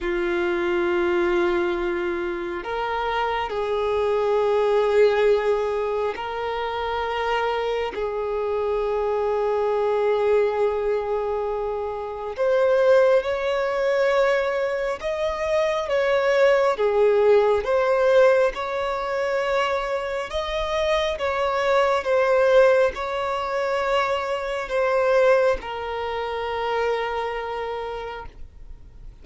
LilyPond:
\new Staff \with { instrumentName = "violin" } { \time 4/4 \tempo 4 = 68 f'2. ais'4 | gis'2. ais'4~ | ais'4 gis'2.~ | gis'2 c''4 cis''4~ |
cis''4 dis''4 cis''4 gis'4 | c''4 cis''2 dis''4 | cis''4 c''4 cis''2 | c''4 ais'2. | }